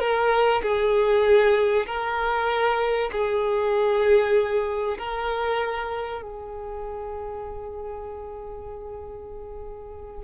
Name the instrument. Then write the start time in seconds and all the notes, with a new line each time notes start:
violin
0.00 A#4
0.63 G#4
1.87 A#4
3.12 G#4
4.98 A#4
6.22 G#4